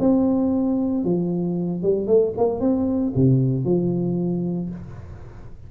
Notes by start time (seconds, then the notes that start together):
0.00 C4
1.05 F3
1.83 G3
2.07 A3
2.38 A#3
2.61 C4
3.16 C3
3.65 F3